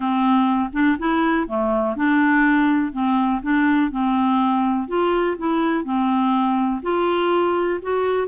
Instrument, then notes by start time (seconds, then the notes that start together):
clarinet
0.00 C4
0.72 D4
0.99 E4
1.47 A3
1.96 D4
2.92 C4
3.42 D4
3.91 C4
4.88 F4
5.38 E4
5.84 C4
6.82 F4
7.82 F#4